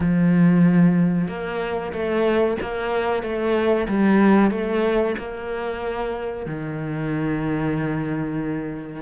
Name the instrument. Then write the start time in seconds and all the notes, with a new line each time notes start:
cello
0.00 F3
1.28 A#3
1.92 A3
2.61 A#3
3.22 A3
3.88 G3
4.50 A3
5.18 A#3
6.46 D#3